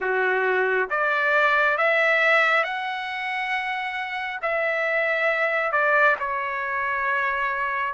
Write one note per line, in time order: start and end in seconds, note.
0.00 0.89 F#4
0.89 1.77 D5
1.77 2.63 E5
2.63 4.40 F#5
4.42 5.72 E5
5.72 6.16 D5
6.19 7.94 C#5